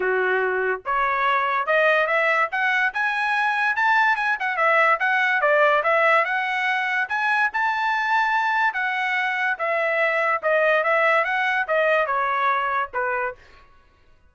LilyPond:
\new Staff \with { instrumentName = "trumpet" } { \time 4/4 \tempo 4 = 144 fis'2 cis''2 | dis''4 e''4 fis''4 gis''4~ | gis''4 a''4 gis''8 fis''8 e''4 | fis''4 d''4 e''4 fis''4~ |
fis''4 gis''4 a''2~ | a''4 fis''2 e''4~ | e''4 dis''4 e''4 fis''4 | dis''4 cis''2 b'4 | }